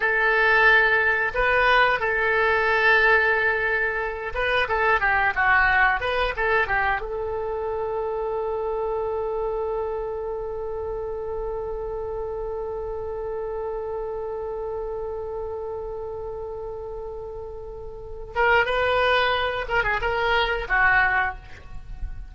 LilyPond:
\new Staff \with { instrumentName = "oboe" } { \time 4/4 \tempo 4 = 90 a'2 b'4 a'4~ | a'2~ a'8 b'8 a'8 g'8 | fis'4 b'8 a'8 g'8 a'4.~ | a'1~ |
a'1~ | a'1~ | a'2.~ a'8 ais'8 | b'4. ais'16 gis'16 ais'4 fis'4 | }